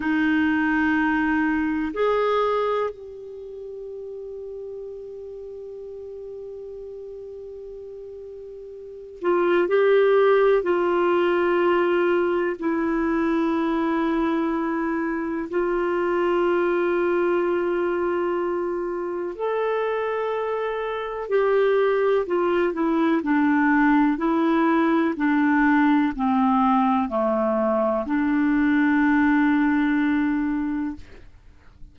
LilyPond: \new Staff \with { instrumentName = "clarinet" } { \time 4/4 \tempo 4 = 62 dis'2 gis'4 g'4~ | g'1~ | g'4. f'8 g'4 f'4~ | f'4 e'2. |
f'1 | a'2 g'4 f'8 e'8 | d'4 e'4 d'4 c'4 | a4 d'2. | }